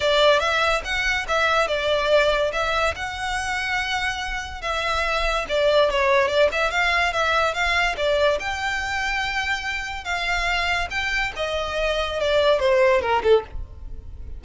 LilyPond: \new Staff \with { instrumentName = "violin" } { \time 4/4 \tempo 4 = 143 d''4 e''4 fis''4 e''4 | d''2 e''4 fis''4~ | fis''2. e''4~ | e''4 d''4 cis''4 d''8 e''8 |
f''4 e''4 f''4 d''4 | g''1 | f''2 g''4 dis''4~ | dis''4 d''4 c''4 ais'8 a'8 | }